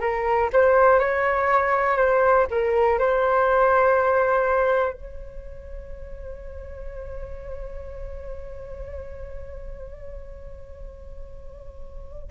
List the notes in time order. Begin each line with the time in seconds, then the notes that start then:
0.00 A#4
0.53 C5
0.99 C#5
1.97 C5
2.50 A#4
2.99 C5
4.93 C#5